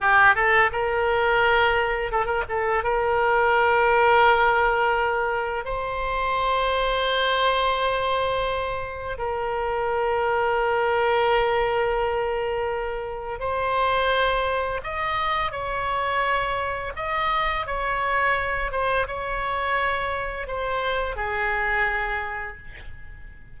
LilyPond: \new Staff \with { instrumentName = "oboe" } { \time 4/4 \tempo 4 = 85 g'8 a'8 ais'2 a'16 ais'16 a'8 | ais'1 | c''1~ | c''4 ais'2.~ |
ais'2. c''4~ | c''4 dis''4 cis''2 | dis''4 cis''4. c''8 cis''4~ | cis''4 c''4 gis'2 | }